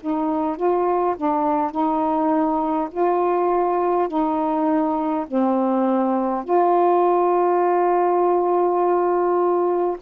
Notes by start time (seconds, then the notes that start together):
0.00 D#4
0.56 F4
1.16 D4
1.71 D#4
2.90 F4
4.08 D#4
5.27 C4
6.44 F4